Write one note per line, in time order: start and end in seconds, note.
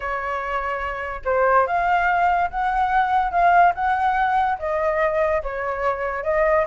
0.00 1.21 C#5
1.25 1.66 C5
1.66 2.50 F5
2.50 3.31 F#5
3.31 3.72 F5
3.74 4.58 F#5
4.59 5.42 D#5
5.42 6.23 C#5
6.23 6.65 D#5